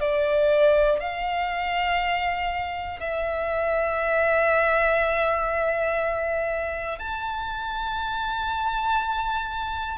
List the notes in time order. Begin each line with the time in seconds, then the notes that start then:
0.00 D5
1.00 F5
3.00 E5
6.99 A5